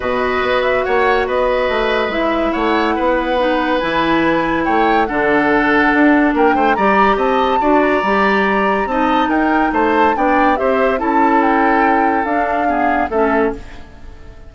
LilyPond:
<<
  \new Staff \with { instrumentName = "flute" } { \time 4/4 \tempo 4 = 142 dis''4. e''8 fis''4 dis''4~ | dis''4 e''4 fis''2~ | fis''4 gis''2 g''4 | fis''2. g''4 |
ais''4 a''4. ais''4.~ | ais''4 a''4 g''4 a''4 | g''4 e''4 a''4 g''4~ | g''4 f''2 e''4 | }
  \new Staff \with { instrumentName = "oboe" } { \time 4/4 b'2 cis''4 b'4~ | b'2 cis''4 b'4~ | b'2. cis''4 | a'2. ais'8 c''8 |
d''4 dis''4 d''2~ | d''4 dis''4 ais'4 c''4 | d''4 c''4 a'2~ | a'2 gis'4 a'4 | }
  \new Staff \with { instrumentName = "clarinet" } { \time 4/4 fis'1~ | fis'4 e'2. | dis'4 e'2. | d'1 |
g'2 fis'4 g'4~ | g'4 dis'2. | d'4 g'4 e'2~ | e'4 d'4 b4 cis'4 | }
  \new Staff \with { instrumentName = "bassoon" } { \time 4/4 b,4 b4 ais4 b4 | a4 gis4 a4 b4~ | b4 e2 a4 | d2 d'4 ais8 a8 |
g4 c'4 d'4 g4~ | g4 c'4 dis'4 a4 | b4 c'4 cis'2~ | cis'4 d'2 a4 | }
>>